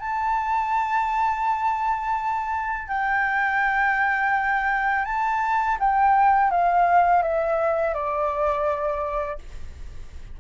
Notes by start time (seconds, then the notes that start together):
0.00 A5
2.88 G5
5.05 A5
5.80 G5
6.51 F5
7.23 E5
7.94 D5